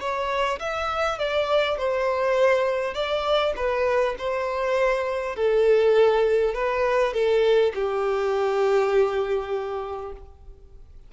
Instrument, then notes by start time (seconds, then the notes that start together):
violin
0.00 C#5
0.60 E5
1.19 D5
1.78 C5
2.95 D5
3.56 B4
4.18 C5
5.36 A4
6.55 B4
7.14 A4
7.75 G4